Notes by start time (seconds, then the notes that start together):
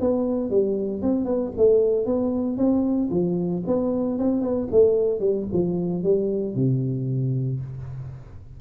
0.00 B3
0.50 G3
1.02 C4
1.25 B3
1.57 A3
2.06 B3
2.57 C4
3.10 F3
3.66 B3
4.18 C4
4.41 B3
4.71 A3
5.19 G3
5.53 F3
6.03 G3
6.55 C3